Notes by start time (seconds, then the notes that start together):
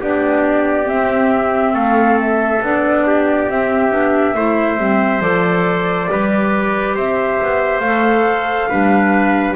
0.00 B3 D4 G4 D5
0.84 C4 E5
1.73 A3 A4 F5
2.20 E5
2.61 B3 D4 D5
3.07 G4
3.49 C4 E5
3.91 B3 D4
4.34 A3 E4 C5
4.77 G3 C4
5.20 F3 A4 D5
6.08 G3 G4 B4
6.95 C4 C5 E5
7.42 B3
7.80 A3 A4 F5
8.69 G3 D4 B4